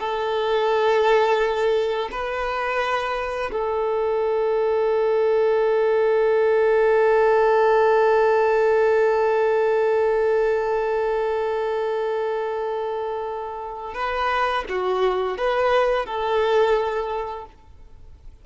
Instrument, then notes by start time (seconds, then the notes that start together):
violin
0.00 A4
2.12 B4
3.52 A4
13.94 B4
14.69 F#4
15.38 B4
16.06 A4